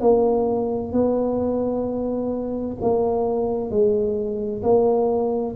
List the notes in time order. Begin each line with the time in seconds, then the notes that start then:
0.00 A#3
0.92 B3
2.81 A#3
3.70 G#3
4.62 A#3